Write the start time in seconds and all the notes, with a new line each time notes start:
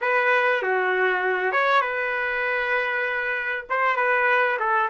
0.01 B4
0.62 F#4
1.52 C#5
1.81 B4
3.69 C5
3.96 B4
4.59 A4